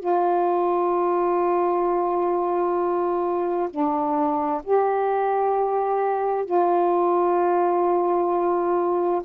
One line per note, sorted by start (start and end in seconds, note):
0.00 3.69 F4
3.70 4.63 D4
4.64 6.46 G4
6.46 9.23 F4